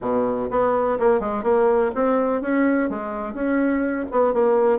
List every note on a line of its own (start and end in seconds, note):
0.01 0.49 B2
0.50 0.98 B3
0.99 1.20 A#3
1.20 1.43 G#3
1.43 1.91 A#3
1.95 2.41 C4
2.41 2.89 C#4
2.89 3.34 G#3
3.34 4.06 C#4
4.11 4.33 B3
4.33 4.79 A#3